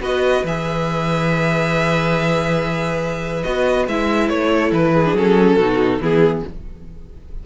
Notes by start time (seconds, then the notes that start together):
0.00 B3 F#4 B4 D#5
0.43 E3 G#4 E5
3.43 B3 F#4 D#5
3.87 G#3 E4 E5
4.29 A3 C#5
4.51 A4
4.71 E3 B4
4.94 G#4
5.05 D4
5.13 F#3 C#4 A4
5.56 B2 D#4 F#4
6.00 E3 B3 E4 G#4